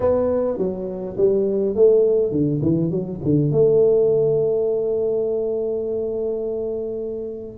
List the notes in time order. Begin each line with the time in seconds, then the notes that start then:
0.00 B3
0.57 F#3
1.17 G3
1.75 A3
2.31 D3
2.62 E3
2.90 F#3
3.23 D3
3.51 A3